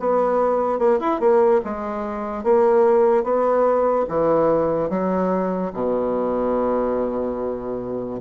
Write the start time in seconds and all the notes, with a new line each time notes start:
0.00 B3
0.79 A#3
1.00 E4
1.20 A#3
1.65 G#3
2.44 A#3
3.24 B3
4.09 E3
4.90 F#3
5.74 B2